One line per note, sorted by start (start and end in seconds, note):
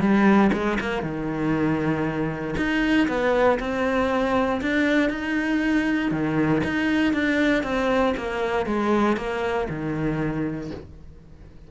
0.00 0.51 G3
0.53 0.78 G#3
0.80 1.03 A#3
1.03 2.55 D#3
2.57 3.08 D#4
3.08 3.59 B3
3.60 4.61 C4
4.62 5.10 D4
5.10 6.11 D#4
6.11 6.62 D#3
6.64 7.13 D#4
7.13 7.63 D4
7.63 8.14 C4
8.17 8.66 A#3
8.66 9.17 G#3
9.17 9.68 A#3
9.69 10.71 D#3